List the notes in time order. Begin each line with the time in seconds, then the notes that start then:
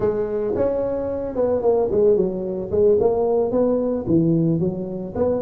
0.00 G#3
0.55 C#4
1.35 B3
1.62 A#3
1.91 G#3
2.16 F#3
2.71 G#3
3.00 A#3
3.51 B3
4.07 E3
4.59 F#3
5.15 B3